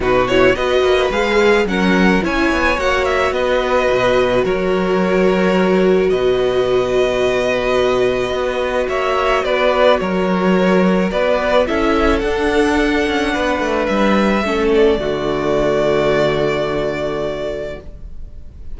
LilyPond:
<<
  \new Staff \with { instrumentName = "violin" } { \time 4/4 \tempo 4 = 108 b'8 cis''8 dis''4 f''4 fis''4 | gis''4 fis''8 e''8 dis''2 | cis''2. dis''4~ | dis''1 |
e''4 d''4 cis''2 | d''4 e''4 fis''2~ | fis''4 e''4. d''4.~ | d''1 | }
  \new Staff \with { instrumentName = "violin" } { \time 4/4 fis'4 b'2 ais'4 | cis''2 b'2 | ais'2. b'4~ | b'1 |
cis''4 b'4 ais'2 | b'4 a'2. | b'2 a'4 fis'4~ | fis'1 | }
  \new Staff \with { instrumentName = "viola" } { \time 4/4 dis'8 e'8 fis'4 gis'4 cis'4 | e'4 fis'2.~ | fis'1~ | fis'1~ |
fis'1~ | fis'4 e'4 d'2~ | d'2 cis'4 a4~ | a1 | }
  \new Staff \with { instrumentName = "cello" } { \time 4/4 b,4 b8 ais8 gis4 fis4 | cis'8 b8 ais4 b4 b,4 | fis2. b,4~ | b,2. b4 |
ais4 b4 fis2 | b4 cis'4 d'4. cis'8 | b8 a8 g4 a4 d4~ | d1 | }
>>